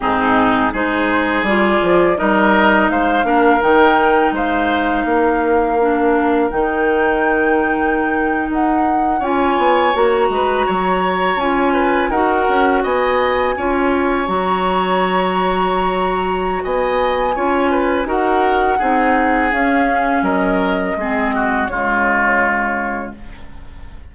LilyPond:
<<
  \new Staff \with { instrumentName = "flute" } { \time 4/4 \tempo 4 = 83 gis'4 c''4 d''4 dis''4 | f''4 g''4 f''2~ | f''4 g''2~ g''8. fis''16~ | fis''8. gis''4 ais''2 gis''16~ |
gis''8. fis''4 gis''2 ais''16~ | ais''2. gis''4~ | gis''4 fis''2 f''4 | dis''2 cis''2 | }
  \new Staff \with { instrumentName = "oboe" } { \time 4/4 dis'4 gis'2 ais'4 | c''8 ais'4. c''4 ais'4~ | ais'1~ | ais'8. cis''4. b'8 cis''4~ cis''16~ |
cis''16 b'8 ais'4 dis''4 cis''4~ cis''16~ | cis''2. dis''4 | cis''8 b'8 ais'4 gis'2 | ais'4 gis'8 fis'8 f'2 | }
  \new Staff \with { instrumentName = "clarinet" } { \time 4/4 c'4 dis'4 f'4 dis'4~ | dis'8 d'8 dis'2. | d'4 dis'2.~ | dis'8. f'4 fis'2 f'16~ |
f'8. fis'2 f'4 fis'16~ | fis'1 | f'4 fis'4 dis'4 cis'4~ | cis'4 c'4 gis2 | }
  \new Staff \with { instrumentName = "bassoon" } { \time 4/4 gis,4 gis4 g8 f8 g4 | gis8 ais8 dis4 gis4 ais4~ | ais4 dis2~ dis8. dis'16~ | dis'8. cis'8 b8 ais8 gis8 fis4 cis'16~ |
cis'8. dis'8 cis'8 b4 cis'4 fis16~ | fis2. b4 | cis'4 dis'4 c'4 cis'4 | fis4 gis4 cis2 | }
>>